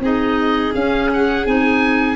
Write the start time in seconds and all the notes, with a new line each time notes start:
0.00 C4 D#4 G#4 D#5
0.74 C#4 F5
1.13 F#5
1.45 C4 D#4 G#5